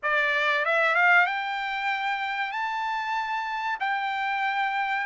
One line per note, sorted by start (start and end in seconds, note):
0.02 0.65 D5
0.65 0.95 E5
0.95 1.26 F5
1.26 2.51 G5
2.51 3.77 A5
3.80 5.06 G5